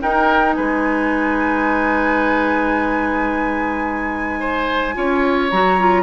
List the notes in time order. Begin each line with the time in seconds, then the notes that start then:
0.00 D#4 A#4 G5
0.53 G#3 B4 G#5
4.39 C5
4.94 C#4 F4 C#5
5.50 F#3 F#4 A#5
5.79 F4